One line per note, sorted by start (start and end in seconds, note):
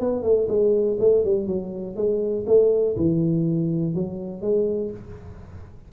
0.00 0.23 B3
0.23 0.47 A3
0.48 0.97 G#3
0.99 1.24 A3
1.24 1.46 G3
1.46 1.96 F#3
1.96 2.45 G#3
2.47 2.96 A3
2.96 3.94 E3
3.94 4.41 F#3
4.41 4.90 G#3